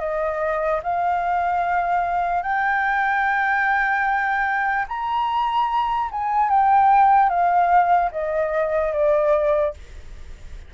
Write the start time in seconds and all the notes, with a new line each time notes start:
0.00 D#5
0.84 F5
2.43 G5
4.89 A#5
6.12 G#5
6.50 G5
7.30 F5
8.12 D#5
8.93 D5